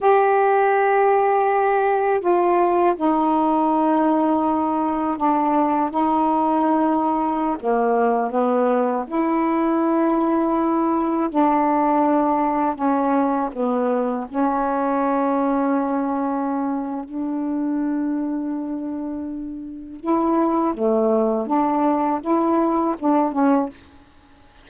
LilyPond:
\new Staff \with { instrumentName = "saxophone" } { \time 4/4 \tempo 4 = 81 g'2. f'4 | dis'2. d'4 | dis'2~ dis'16 ais4 b8.~ | b16 e'2. d'8.~ |
d'4~ d'16 cis'4 b4 cis'8.~ | cis'2. d'4~ | d'2. e'4 | a4 d'4 e'4 d'8 cis'8 | }